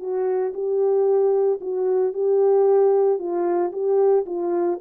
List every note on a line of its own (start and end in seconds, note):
0.00 0.53 F#4
0.54 1.60 G4
1.61 2.14 F#4
2.14 3.19 G4
3.19 3.72 F4
3.73 4.26 G4
4.26 4.79 F4